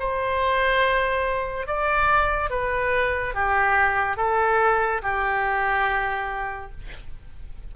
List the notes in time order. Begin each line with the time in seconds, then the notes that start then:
0.00 C5
1.67 D5
2.50 B4
3.35 G4
4.17 A4
5.02 G4